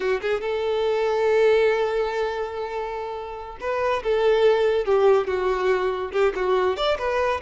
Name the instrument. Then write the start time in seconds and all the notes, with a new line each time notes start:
violin
0.00 F#4
0.21 G#4
0.40 A4
3.60 B4
4.03 A4
4.85 G4
5.27 F#4
6.12 G4
6.35 F#4
6.76 D5
6.98 B4